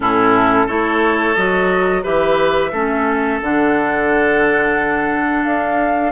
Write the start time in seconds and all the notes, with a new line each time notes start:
0.00 A2 C#4 E4 A4
0.66 A3 E4 A4 C#5
1.35 F#3 F#4 D#5
2.02 E3 G4 B4 E5
2.71 A3 C#4 A4
3.41 D3 D4 F#5
5.44 D4 F5